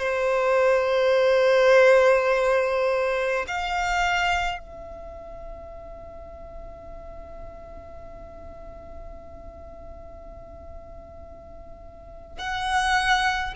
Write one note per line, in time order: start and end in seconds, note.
0.00 3.46 C5
3.48 4.59 F5
4.59 12.38 E5
12.39 13.54 F#5